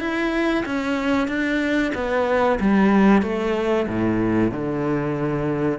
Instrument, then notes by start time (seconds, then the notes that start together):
cello
0.00 E4
0.66 C#4
1.28 D4
1.95 B3
2.60 G3
3.22 A3
3.87 A2
4.52 D3